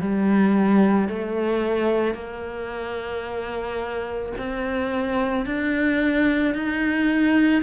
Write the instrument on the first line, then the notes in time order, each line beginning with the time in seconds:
cello
0.00 G3
1.08 A3
2.14 A#3
4.38 C4
5.45 D4
6.54 D#4